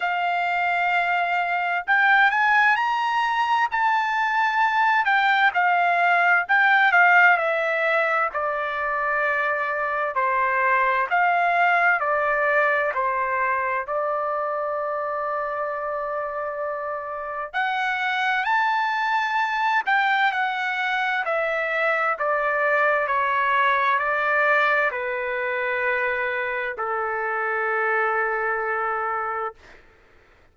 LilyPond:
\new Staff \with { instrumentName = "trumpet" } { \time 4/4 \tempo 4 = 65 f''2 g''8 gis''8 ais''4 | a''4. g''8 f''4 g''8 f''8 | e''4 d''2 c''4 | f''4 d''4 c''4 d''4~ |
d''2. fis''4 | a''4. g''8 fis''4 e''4 | d''4 cis''4 d''4 b'4~ | b'4 a'2. | }